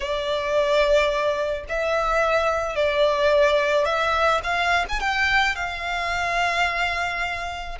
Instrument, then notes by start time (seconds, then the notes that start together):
violin
0.00 D5
1.68 E5
2.75 D5
3.85 E5
4.43 F5
4.89 G#5
5.00 G5
5.55 F5